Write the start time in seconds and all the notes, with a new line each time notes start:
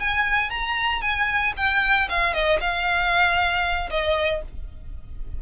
0.00 G#5
0.50 A#5
1.02 G#5
1.57 G5
2.09 F5
2.34 D#5
2.61 F5
3.90 D#5